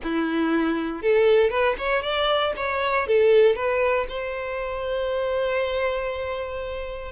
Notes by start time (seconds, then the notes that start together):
0.03 E4
1.02 A4
1.50 B4
1.78 C#5
2.02 D5
2.56 C#5
3.07 A4
3.55 B4
4.08 C5